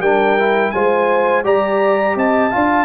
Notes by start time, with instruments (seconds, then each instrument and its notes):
0.00 tuba G3, trombone D4, horn A#4, trumpet G5
0.39 trombone E4
0.71 tuba G#3, trombone F4, horn C5, trumpet G#5
1.44 tuba G3, trombone G4, horn D5, trumpet A#5
2.15 tuba C4, horn D#5, trumpet A5
2.51 tuba D4, trombone F4, horn F5